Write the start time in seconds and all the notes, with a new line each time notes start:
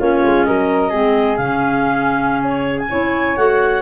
0.00 A#3 C#4 F4 C#5
0.25 G#3
0.45 F#3 A#4 D#5
0.90 G#3 C4 G#4
1.37 C#3 C#4 F5
2.44 C#5
2.79 G#5
2.90 C#4 E4 C#5
3.37 A3 F#4 F#5